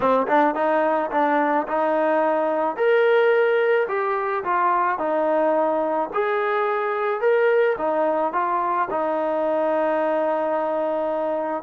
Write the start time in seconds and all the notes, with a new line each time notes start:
0.00 C4
0.27 D4
0.54 D#4
1.11 D4
1.67 D#4
2.76 A#4
3.88 G4
4.44 F4
4.98 D#4
6.13 G#4
7.20 A#4
7.78 D#4
8.32 F4
8.90 D#4